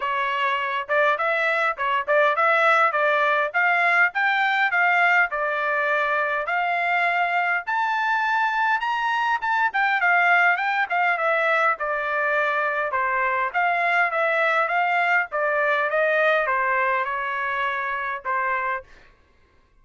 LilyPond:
\new Staff \with { instrumentName = "trumpet" } { \time 4/4 \tempo 4 = 102 cis''4. d''8 e''4 cis''8 d''8 | e''4 d''4 f''4 g''4 | f''4 d''2 f''4~ | f''4 a''2 ais''4 |
a''8 g''8 f''4 g''8 f''8 e''4 | d''2 c''4 f''4 | e''4 f''4 d''4 dis''4 | c''4 cis''2 c''4 | }